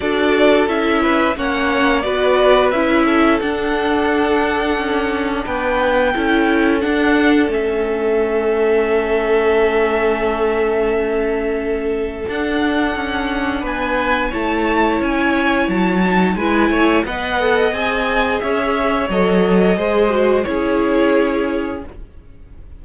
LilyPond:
<<
  \new Staff \with { instrumentName = "violin" } { \time 4/4 \tempo 4 = 88 d''4 e''4 fis''4 d''4 | e''4 fis''2. | g''2 fis''4 e''4~ | e''1~ |
e''2 fis''2 | gis''4 a''4 gis''4 a''4 | gis''4 fis''4 gis''4 e''4 | dis''2 cis''2 | }
  \new Staff \with { instrumentName = "violin" } { \time 4/4 a'4. b'8 cis''4 b'4~ | b'8 a'2.~ a'8 | b'4 a'2.~ | a'1~ |
a'1 | b'4 cis''2. | b'8 cis''8 dis''2 cis''4~ | cis''4 c''4 gis'2 | }
  \new Staff \with { instrumentName = "viola" } { \time 4/4 fis'4 e'4 cis'4 fis'4 | e'4 d'2.~ | d'4 e'4 d'4 cis'4~ | cis'1~ |
cis'2 d'2~ | d'4 e'2~ e'8 dis'8 | e'4 b'8 a'8 gis'2 | a'4 gis'8 fis'8 e'2 | }
  \new Staff \with { instrumentName = "cello" } { \time 4/4 d'4 cis'4 ais4 b4 | cis'4 d'2 cis'4 | b4 cis'4 d'4 a4~ | a1~ |
a2 d'4 cis'4 | b4 a4 cis'4 fis4 | gis8 a8 b4 c'4 cis'4 | fis4 gis4 cis'2 | }
>>